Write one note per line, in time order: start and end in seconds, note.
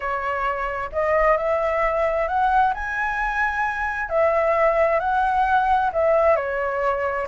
0.00 0.90 C#5
0.92 1.37 D#5
1.37 2.28 E5
2.28 2.73 F#5
2.74 4.09 G#5
4.09 4.99 E5
4.99 5.90 F#5
5.92 6.36 E5
6.36 7.27 C#5